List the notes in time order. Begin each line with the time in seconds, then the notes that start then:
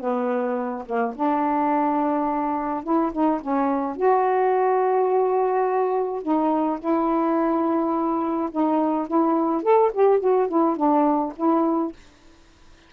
0.00 B3
0.86 A#3
1.16 D4
2.84 E4
3.12 D#4
3.41 C#4
3.96 F#4
6.22 D#4
6.80 E4
8.51 D#4
9.08 E4
9.63 A4
9.93 G4
10.20 F#4
10.48 E4
10.76 D4
11.36 E4